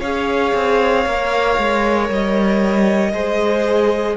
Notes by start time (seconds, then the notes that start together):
0.00 C#4 G#4 C#5 F5
0.54 C4
1.06 A#3 A#4
1.58 G#3
2.09 G3 D#5
3.13 G#3 G#4 C5